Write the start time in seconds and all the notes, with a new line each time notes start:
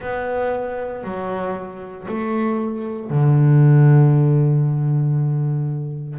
0.00 B3
1.03 F#3
2.08 A3
3.10 D3